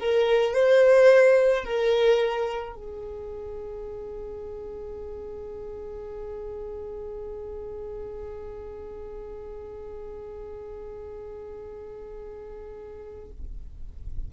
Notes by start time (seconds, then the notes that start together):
0.00 A#4
0.54 C5
1.65 A#4
2.75 G#4